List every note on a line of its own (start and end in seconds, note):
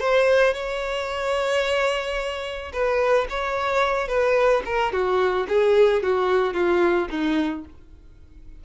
0.00 0.54 C5
0.54 2.72 C#5
2.73 3.27 B4
3.30 4.08 C#5
4.08 4.63 B4
4.65 4.92 A#4
4.92 5.47 F#4
5.48 6.03 G#4
6.03 6.54 F#4
6.54 7.08 F4
7.10 7.65 D#4